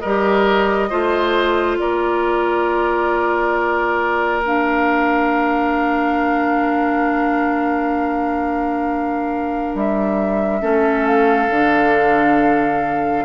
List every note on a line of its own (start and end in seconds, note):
0.00 0.92 G3
0.00 0.90 A#4
0.00 1.76 D#5
0.06 0.90 G4
0.90 1.79 A3
0.90 4.43 F4
0.90 1.78 C5
1.79 9.73 A#3
1.79 10.62 A#4
1.79 4.43 D5
4.45 10.61 D4
4.45 9.76 F5
9.75 10.62 G3
9.75 11.07 E5
10.61 11.50 A3
10.61 11.50 C#4
10.61 13.26 A4
11.07 13.26 F5
11.50 13.26 D3
11.50 13.26 D4